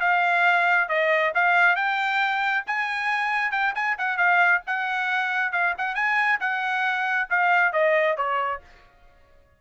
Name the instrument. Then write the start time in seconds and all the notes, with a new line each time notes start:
trumpet
0.00 F5
0.88 D#5
1.34 F5
1.75 G5
2.66 G#5
3.51 G5
3.75 G#5
3.98 F#5
4.17 F5
4.66 F#5
5.52 F5
5.77 F#5
5.95 G#5
6.40 F#5
7.30 F5
7.72 D#5
8.17 C#5